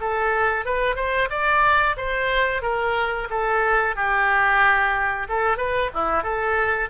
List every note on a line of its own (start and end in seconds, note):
0.00 0.65 A4
0.65 0.96 B4
0.96 1.29 C5
1.30 1.96 D5
1.97 2.62 C5
2.62 3.28 A#4
3.30 3.96 A4
3.96 5.27 G4
5.29 5.57 A4
5.57 5.90 B4
5.94 6.23 E4
6.23 6.89 A4